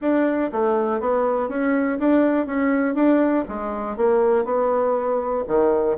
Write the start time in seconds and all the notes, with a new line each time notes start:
0.01 D4
0.52 A3
1.00 B3
1.49 C#4
1.99 D4
2.46 C#4
2.95 D4
3.48 G#3
3.96 A#3
4.44 B3
5.47 D#3